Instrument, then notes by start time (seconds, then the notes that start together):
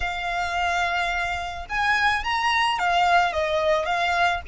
violin
0.00 F5
1.69 G#5
2.24 A#5
2.78 F5
3.32 D#5
3.85 F5